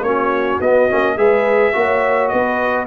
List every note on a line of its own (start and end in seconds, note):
0.00 0.57 A#3
0.00 0.62 C#4
0.00 1.17 F#4
0.00 0.60 C#5
0.60 0.88 B3
0.60 0.90 B3
0.60 1.18 D#5
0.90 1.16 A#3
0.90 1.17 C#4
1.16 1.73 G#3
1.16 1.73 G#4
1.16 1.74 B4
1.16 2.28 E5
1.73 2.32 A#3
1.73 2.86 F#4
1.73 2.32 C#5
2.28 2.87 B3
2.28 2.87 B4
2.28 2.85 D#5